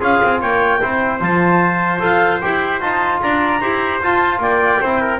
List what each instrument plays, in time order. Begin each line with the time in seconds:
0.00 double bass C#4, trombone F4, trumpet G#4, clarinet F5
0.23 double bass C4
0.40 double bass A#3, trumpet C#5, clarinet G5
0.82 double bass C4, trombone E4, trumpet C5
1.20 double bass F3, trombone F4, clarinet A5
1.99 double bass F4, trombone A4, clarinet F5
2.41 double bass E4, trombone G4, clarinet G5
2.81 double bass D#4, trombone F4, clarinet A5
3.21 double bass D4, trumpet D5, clarinet A#5
3.61 double bass E4, trombone G4, trumpet C5
4.02 double bass F4, trombone F4, clarinet A5
4.39 double bass A#3, trumpet D5, clarinet G5
4.80 double bass C4, trombone E4, trumpet C5
5.01 trumpet A#4